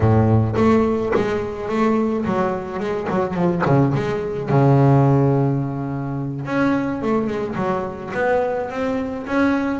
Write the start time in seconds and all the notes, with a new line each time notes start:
0.00 A2
0.56 A3
1.14 G#3
1.68 A3
2.25 F#3
2.79 G#3
3.10 F#3
3.34 F3
3.65 C#3
3.94 G#3
4.49 C#3
6.45 C#4
7.01 A3
7.27 G#3
7.55 F#3
8.14 B3
8.69 C4
9.26 C#4